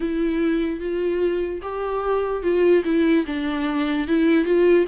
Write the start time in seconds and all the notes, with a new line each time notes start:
0.00 E4
0.80 F4
1.62 G4
2.43 F4
2.85 E4
3.26 D4
4.07 E4
4.44 F4